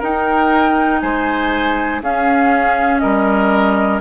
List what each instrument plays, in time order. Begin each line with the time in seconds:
0.00 clarinet D#4, bassoon D#4, oboe A#4, flute G5
1.01 bassoon G#3, oboe C5, flute G#5
2.02 bassoon C#4, clarinet C#4, oboe G#4, flute F5
3.00 bassoon G3, oboe A#4, flute D#5